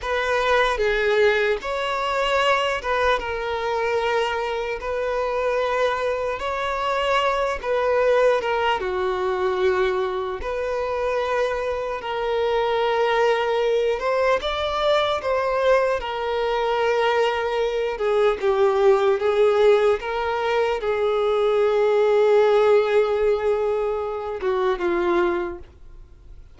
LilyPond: \new Staff \with { instrumentName = "violin" } { \time 4/4 \tempo 4 = 75 b'4 gis'4 cis''4. b'8 | ais'2 b'2 | cis''4. b'4 ais'8 fis'4~ | fis'4 b'2 ais'4~ |
ais'4. c''8 d''4 c''4 | ais'2~ ais'8 gis'8 g'4 | gis'4 ais'4 gis'2~ | gis'2~ gis'8 fis'8 f'4 | }